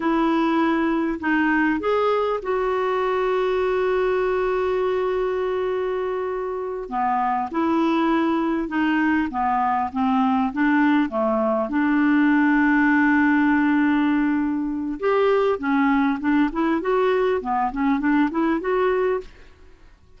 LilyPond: \new Staff \with { instrumentName = "clarinet" } { \time 4/4 \tempo 4 = 100 e'2 dis'4 gis'4 | fis'1~ | fis'2.~ fis'8 b8~ | b8 e'2 dis'4 b8~ |
b8 c'4 d'4 a4 d'8~ | d'1~ | d'4 g'4 cis'4 d'8 e'8 | fis'4 b8 cis'8 d'8 e'8 fis'4 | }